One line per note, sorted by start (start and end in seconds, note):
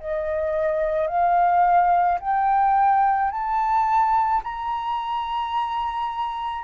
0.00 1.08 D#5
1.08 2.19 F5
2.21 3.32 G5
3.32 4.43 A5
4.44 6.65 A#5